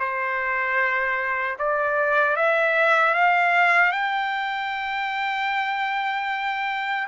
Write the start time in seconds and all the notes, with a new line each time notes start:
0.00 C5
1.59 D5
2.36 E5
3.14 F5
3.92 G5